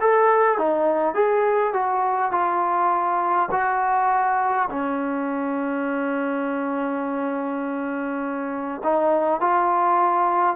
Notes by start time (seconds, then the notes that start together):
0.00 A4
0.58 D#4
1.14 G#4
1.73 F#4
2.32 F4
3.51 F#4
4.70 C#4
8.83 D#4
9.40 F4